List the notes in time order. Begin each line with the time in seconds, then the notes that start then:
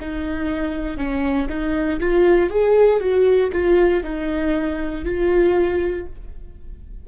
0.00 D#4
0.97 C#4
1.49 D#4
2.00 F4
2.50 G#4
3.00 F#4
3.52 F4
4.03 D#4
5.05 F4